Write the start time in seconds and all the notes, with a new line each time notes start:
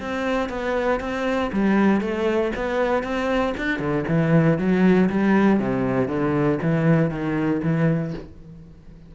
0.00 C4
0.49 B3
1.00 C4
1.53 G3
2.01 A3
2.56 B3
3.03 C4
3.57 D4
3.79 D3
4.08 E3
4.59 F#3
5.10 G3
5.60 C3
6.08 D3
6.62 E3
7.10 D#3
7.63 E3